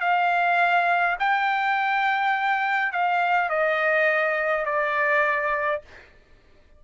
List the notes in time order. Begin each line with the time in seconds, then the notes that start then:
0.00 F5
1.19 G5
2.92 F5
3.49 D#5
4.65 D5